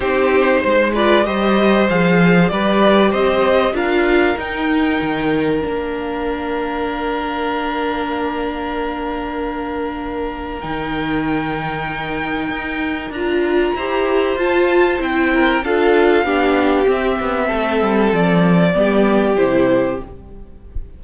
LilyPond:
<<
  \new Staff \with { instrumentName = "violin" } { \time 4/4 \tempo 4 = 96 c''4. d''8 dis''4 f''4 | d''4 dis''4 f''4 g''4~ | g''4 f''2.~ | f''1~ |
f''4 g''2.~ | g''4 ais''2 a''4 | g''4 f''2 e''4~ | e''4 d''2 c''4 | }
  \new Staff \with { instrumentName = "violin" } { \time 4/4 g'4 c''8 b'8 c''2 | b'4 c''4 ais'2~ | ais'1~ | ais'1~ |
ais'1~ | ais'2 c''2~ | c''8 ais'8 a'4 g'2 | a'2 g'2 | }
  \new Staff \with { instrumentName = "viola" } { \time 4/4 dis'4. f'8 g'4 gis'4 | g'2 f'4 dis'4~ | dis'4 d'2.~ | d'1~ |
d'4 dis'2.~ | dis'4 f'4 g'4 f'4 | e'4 f'4 d'4 c'4~ | c'2 b4 e'4 | }
  \new Staff \with { instrumentName = "cello" } { \time 4/4 c'4 gis4 g4 f4 | g4 c'4 d'4 dis'4 | dis4 ais2.~ | ais1~ |
ais4 dis2. | dis'4 d'4 e'4 f'4 | c'4 d'4 b4 c'8 b8 | a8 g8 f4 g4 c4 | }
>>